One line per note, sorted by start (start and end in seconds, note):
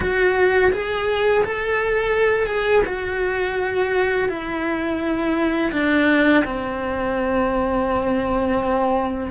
0.00 0.71 F#4
0.72 1.44 G#4
1.44 2.46 A4
2.46 2.82 G#4
2.85 4.28 F#4
4.28 5.71 E4
5.71 6.43 D4
6.44 9.30 C4